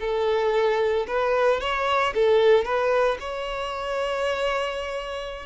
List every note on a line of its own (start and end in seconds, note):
0.00 1.06 A4
1.07 1.60 B4
1.60 2.13 C#5
2.14 2.65 A4
2.65 3.18 B4
3.20 5.46 C#5